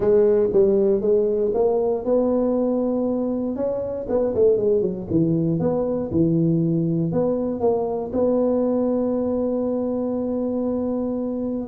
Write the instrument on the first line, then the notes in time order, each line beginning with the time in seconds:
tuba
0.00 G#3
0.52 G3
1.01 G#3
1.54 A#3
2.04 B3
3.56 C#4
4.08 B3
4.35 A3
4.57 G#3
4.81 F#3
5.10 E3
5.59 B3
6.11 E3
7.11 B3
7.60 A#3
8.12 B3